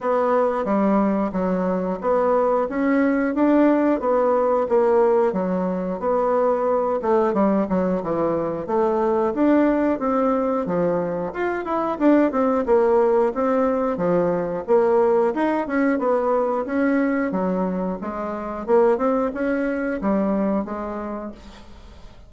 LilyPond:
\new Staff \with { instrumentName = "bassoon" } { \time 4/4 \tempo 4 = 90 b4 g4 fis4 b4 | cis'4 d'4 b4 ais4 | fis4 b4. a8 g8 fis8 | e4 a4 d'4 c'4 |
f4 f'8 e'8 d'8 c'8 ais4 | c'4 f4 ais4 dis'8 cis'8 | b4 cis'4 fis4 gis4 | ais8 c'8 cis'4 g4 gis4 | }